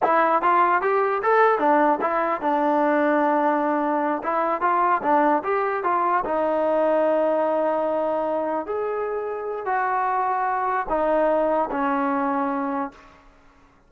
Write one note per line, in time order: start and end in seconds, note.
0.02 0.42 E4
0.42 0.81 F4
0.81 1.22 G4
1.22 1.59 A4
1.59 1.99 D4
2.01 2.41 E4
2.41 4.22 D4
4.23 4.61 E4
4.61 5.01 F4
5.02 5.42 D4
5.43 5.83 G4
5.83 6.24 F4
6.24 8.66 D#4
8.66 9.65 G#4
9.65 10.86 F#4
10.89 11.69 D#4
11.71 12.91 C#4